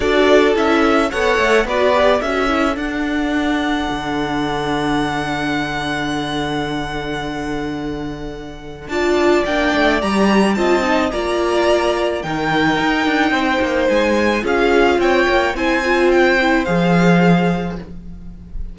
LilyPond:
<<
  \new Staff \with { instrumentName = "violin" } { \time 4/4 \tempo 4 = 108 d''4 e''4 fis''4 d''4 | e''4 fis''2.~ | fis''1~ | fis''1 |
a''4 g''4 ais''4 a''4 | ais''2 g''2~ | g''4 gis''4 f''4 g''4 | gis''4 g''4 f''2 | }
  \new Staff \with { instrumentName = "violin" } { \time 4/4 a'2 cis''4 b'4 | a'1~ | a'1~ | a'1 |
d''2. dis''4 | d''2 ais'2 | c''2 gis'4 cis''4 | c''1 | }
  \new Staff \with { instrumentName = "viola" } { \time 4/4 fis'4 e'4 a'4 fis'8 g'8 | fis'8 e'8 d'2.~ | d'1~ | d'1 |
f'4 d'4 g'4 f'8 dis'8 | f'2 dis'2~ | dis'2 f'2 | e'8 f'4 e'8 gis'2 | }
  \new Staff \with { instrumentName = "cello" } { \time 4/4 d'4 cis'4 b8 a8 b4 | cis'4 d'2 d4~ | d1~ | d1 |
d'4 ais8 a8 g4 c'4 | ais2 dis4 dis'8 d'8 | c'8 ais8 gis4 cis'4 c'8 ais8 | c'2 f2 | }
>>